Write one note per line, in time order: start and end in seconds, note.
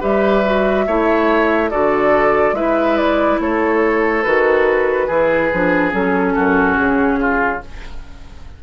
0.00 0.87 G3
0.00 0.43 G4
0.00 0.85 B4
0.00 1.70 E5
0.45 0.87 F#4
0.87 1.71 A3
0.87 1.71 E4
0.87 1.70 C#5
1.70 2.52 D3
1.70 2.55 F#4
1.70 2.55 A4
1.70 2.55 D5
2.52 3.37 G#3
2.52 4.24 E4
2.52 3.40 B4
2.52 2.97 E5
2.97 3.39 D5
3.40 4.24 A3
3.40 5.07 A4
3.40 4.23 C#5
4.23 5.08 D#3
4.23 5.09 F#4
4.23 5.92 B4
5.07 5.51 E3
5.07 5.51 E4
5.07 6.33 G#4
5.53 5.93 F3
5.53 5.91 D4
5.91 6.35 F#3
5.91 7.60 C#4
5.91 6.76 A4
6.35 6.78 F#2
6.35 7.19 F#4
6.76 7.62 C#3
6.76 7.60 G#4
7.20 7.63 F4